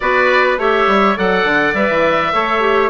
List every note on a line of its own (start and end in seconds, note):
0.00 0.57 B3
0.00 0.58 F#4
0.00 0.59 B4
0.00 0.57 D5
0.57 0.86 A3
0.57 1.16 G4
0.57 1.16 C#5
0.57 1.18 E5
0.87 1.16 G3
1.16 1.44 F#3
1.16 1.74 A4
1.16 2.33 D5
1.16 1.74 F#5
1.44 1.73 D3
1.74 1.88 G3
1.74 2.33 B4
1.74 2.89 E5
1.89 2.32 E3
2.33 2.89 A3
2.33 2.60 A4
2.33 2.89 C#5
2.60 2.89 G4